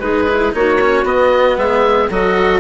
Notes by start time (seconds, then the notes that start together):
0.00 G#3 D#4 G#4 B4
0.29 E4
0.52 A#3 D#4 F#4 C#5
0.81 C#4
1.03 B3 D#5
1.57 G#3 G#4 E5
2.10 F#3 F#4 A4 D#5